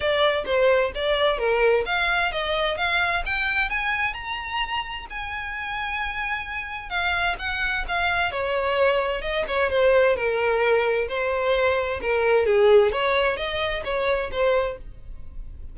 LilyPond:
\new Staff \with { instrumentName = "violin" } { \time 4/4 \tempo 4 = 130 d''4 c''4 d''4 ais'4 | f''4 dis''4 f''4 g''4 | gis''4 ais''2 gis''4~ | gis''2. f''4 |
fis''4 f''4 cis''2 | dis''8 cis''8 c''4 ais'2 | c''2 ais'4 gis'4 | cis''4 dis''4 cis''4 c''4 | }